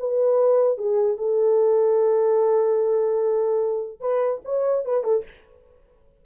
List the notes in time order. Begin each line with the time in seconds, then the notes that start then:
0.00 B4
0.79 G#4
1.18 A4
4.01 B4
4.45 C#5
4.86 B4
5.04 A4